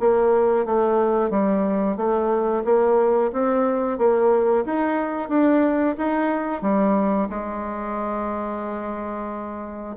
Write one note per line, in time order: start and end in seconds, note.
0.00 0.65 A#3
0.65 1.30 A3
1.30 1.97 G3
1.97 2.63 A3
2.65 3.32 A#3
3.33 3.98 C4
3.98 4.65 A#3
4.65 5.29 D#4
5.29 5.96 D4
5.98 6.62 D#4
6.62 7.28 G3
7.30 9.96 G#3